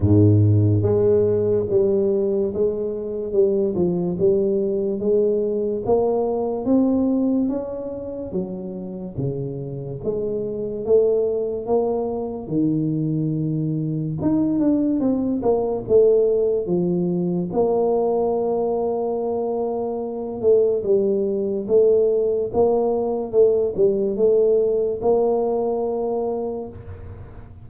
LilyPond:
\new Staff \with { instrumentName = "tuba" } { \time 4/4 \tempo 4 = 72 gis,4 gis4 g4 gis4 | g8 f8 g4 gis4 ais4 | c'4 cis'4 fis4 cis4 | gis4 a4 ais4 dis4~ |
dis4 dis'8 d'8 c'8 ais8 a4 | f4 ais2.~ | ais8 a8 g4 a4 ais4 | a8 g8 a4 ais2 | }